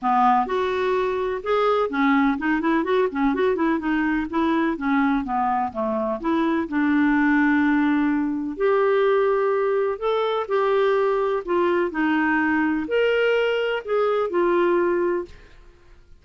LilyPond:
\new Staff \with { instrumentName = "clarinet" } { \time 4/4 \tempo 4 = 126 b4 fis'2 gis'4 | cis'4 dis'8 e'8 fis'8 cis'8 fis'8 e'8 | dis'4 e'4 cis'4 b4 | a4 e'4 d'2~ |
d'2 g'2~ | g'4 a'4 g'2 | f'4 dis'2 ais'4~ | ais'4 gis'4 f'2 | }